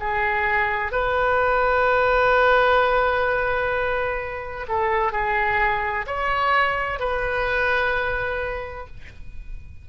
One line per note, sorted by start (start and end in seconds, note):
0.00 0.92 G#4
0.92 4.67 B4
4.68 5.13 A4
5.13 6.06 G#4
6.07 7.00 C#5
7.00 8.87 B4